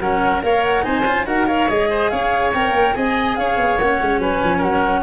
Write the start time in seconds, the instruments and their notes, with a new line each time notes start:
0.00 tuba F#3, cello C#4, oboe A#4, flute F#5
0.42 tuba A#3, cello A#4, oboe C#5, flute F5
0.64 flute F#5
0.82 tuba C4, cello D#4, oboe C5, flute G#5
1.06 tuba C#4, cello F4
1.27 tuba D#4, cello F#4, oboe A#4, flute F#5
1.47 cello A#4, oboe C#5, flute F5
1.69 tuba G#3, cello G#4, flute D#5
1.90 oboe C5
2.10 tuba C#4, oboe C#5, flute F5
2.54 tuba C4, cello A#4, flute G5
2.71 tuba A#3
2.95 tuba C4, cello G#4, oboe D#5, flute G#5
3.37 tuba C#4, oboe C#5, flute F5
3.57 tuba B3
3.78 tuba A#3, cello C#4, flute F#5
4.01 tuba G#3
4.19 tuba F#3, oboe B4, flute G#5
4.44 tuba F3
4.58 tuba F#3, oboe A#4, flute F#5